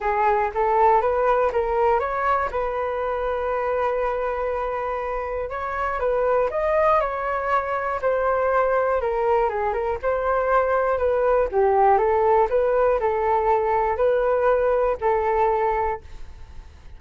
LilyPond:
\new Staff \with { instrumentName = "flute" } { \time 4/4 \tempo 4 = 120 gis'4 a'4 b'4 ais'4 | cis''4 b'2.~ | b'2. cis''4 | b'4 dis''4 cis''2 |
c''2 ais'4 gis'8 ais'8 | c''2 b'4 g'4 | a'4 b'4 a'2 | b'2 a'2 | }